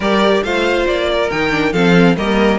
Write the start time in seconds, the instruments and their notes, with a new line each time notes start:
0.00 cello G3, viola G4, violin A#4 D5
0.42 cello A3, viola F4, violin C5 F5
0.87 cello A#3, violin D5
1.12 violin A#4
1.30 cello D#3, viola D#4, violin G5
1.50 viola D4
1.72 cello F3, viola C4, violin A4 F5
2.16 cello G3, viola A#3, violin A#4 D#5